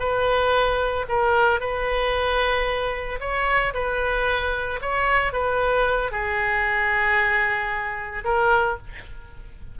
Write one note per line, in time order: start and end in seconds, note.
0.00 1.06 B4
1.09 1.61 A#4
1.61 3.20 B4
3.21 3.74 C#5
3.74 4.81 B4
4.82 5.33 C#5
5.33 6.12 B4
6.12 8.24 G#4
8.25 8.78 A#4